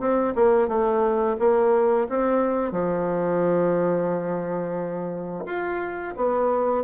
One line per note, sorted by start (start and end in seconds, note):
0.00 0.34 C4
0.36 0.68 A#3
0.68 1.37 A3
1.39 2.08 A#3
2.09 2.72 C4
2.72 5.45 F3
5.46 6.14 F4
6.17 6.84 B3